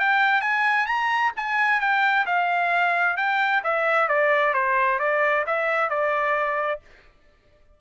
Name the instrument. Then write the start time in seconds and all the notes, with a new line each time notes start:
trumpet
0.00 G5
0.41 G#5
0.87 A#5
1.37 G#5
1.81 G5
2.26 F5
3.17 G5
3.64 E5
4.09 D5
4.54 C5
5.00 D5
5.47 E5
5.90 D5